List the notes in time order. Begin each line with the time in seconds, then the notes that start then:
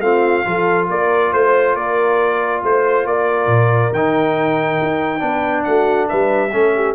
0.00 A3 C4 F4 F5
0.45 F3 F4 A4
0.89 A#3 A#4 D5
1.32 A3 C5
1.74 A#3 A#4 D5
2.63 A3 C5
3.06 A#3 A#4 D5
3.47 A#2
3.92 D#3 D#4 G5
4.82 D#4
5.19 B3 D4 B4
5.64 A3 F#4 F#5
6.08 G3 B4 E5
6.52 A3 C#4 A4
6.75 G4